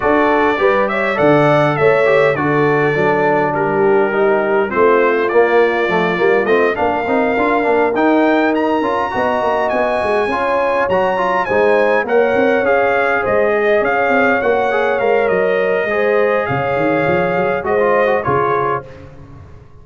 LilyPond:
<<
  \new Staff \with { instrumentName = "trumpet" } { \time 4/4 \tempo 4 = 102 d''4. e''8 fis''4 e''4 | d''2 ais'2 | c''4 d''2 dis''8 f''8~ | f''4. g''4 ais''4.~ |
ais''8 gis''2 ais''4 gis''8~ | gis''8 fis''4 f''4 dis''4 f''8~ | f''8 fis''4 f''8 dis''2 | f''2 dis''4 cis''4 | }
  \new Staff \with { instrumentName = "horn" } { \time 4/4 a'4 b'8 cis''8 d''4 cis''4 | a'2 g'2 | f'2.~ f'8 ais'8~ | ais'2.~ ais'8 dis''8~ |
dis''4. cis''2 c''8~ | c''8 cis''2 c''8 dis''8 cis''8~ | cis''2. c''4 | cis''2 c''4 gis'4 | }
  \new Staff \with { instrumentName = "trombone" } { \time 4/4 fis'4 g'4 a'4. g'8 | fis'4 d'2 dis'4 | c'4 ais4 a8 ais8 c'8 d'8 | dis'8 f'8 d'8 dis'4. f'8 fis'8~ |
fis'4. f'4 fis'8 f'8 dis'8~ | dis'8 ais'4 gis'2~ gis'8~ | gis'8 fis'8 gis'8 ais'4. gis'4~ | gis'2 fis'16 f'8 fis'16 f'4 | }
  \new Staff \with { instrumentName = "tuba" } { \time 4/4 d'4 g4 d4 a4 | d4 fis4 g2 | a4 ais4 f8 g8 a8 ais8 | c'8 d'8 ais8 dis'4. cis'8 b8 |
ais8 b8 gis8 cis'4 fis4 gis8~ | gis8 ais8 c'8 cis'4 gis4 cis'8 | c'8 ais4 gis8 fis4 gis4 | cis8 dis8 f8 fis8 gis4 cis4 | }
>>